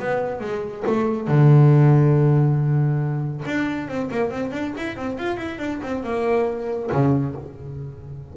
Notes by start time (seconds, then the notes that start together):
0.00 B3
0.40 G#3
0.87 A3
1.28 D3
3.46 D4
3.88 C4
4.11 A#3
4.30 C4
4.52 D4
4.77 E4
4.96 C4
5.18 F4
5.37 E4
5.59 D4
5.83 C4
6.04 A#3
6.92 C#3